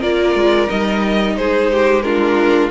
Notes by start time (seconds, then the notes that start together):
0.00 A#3 F4 A#4 D5
0.35 G#3
0.67 G3 D#4 D#5
1.37 G#3 G#4 C5
1.72 G4
2.02 D4 F4 A#4